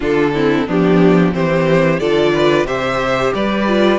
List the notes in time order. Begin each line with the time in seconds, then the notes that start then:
0.00 D3 D4 F4 A4
0.34 C4 E4
0.66 F3 B3 D4 G4
1.32 E3 C4 G4 C5
1.99 D3 F4 A4 D5
2.33 B4
2.65 C3 G4 C5 E5
3.34 G3 B4 D5
3.67 F4